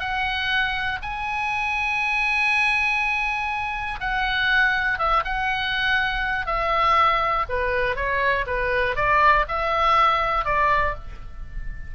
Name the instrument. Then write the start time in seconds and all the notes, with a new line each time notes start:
oboe
0.00 F#5
1.03 G#5
4.01 F#5
4.99 E5
5.25 F#5
6.47 E5
7.49 B4
7.96 C#5
8.47 B4
8.96 D5
9.48 E5
10.45 D5